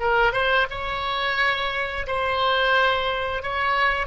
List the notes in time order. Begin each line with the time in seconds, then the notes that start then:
0.00 A#4
0.33 C5
0.70 C#5
2.07 C5
3.42 C#5